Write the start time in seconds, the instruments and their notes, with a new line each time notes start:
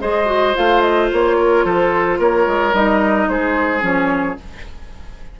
0.00 bassoon G#3, clarinet G#4, oboe C5, flute D#5
0.25 clarinet F#4
0.54 bassoon A3, clarinet F4, flute F5
0.81 flute D#5
1.12 bassoon A#3, flute C#5
1.37 oboe A#4
1.64 bassoon F3, oboe A4, flute C5
2.19 bassoon A#3, oboe A#4, flute C#5
2.46 bassoon G#3
2.73 bassoon G3, clarinet D#4, flute D#5
3.28 bassoon G#3, oboe G#4, flute C5
3.80 bassoon F3, clarinet C#4, flute C#5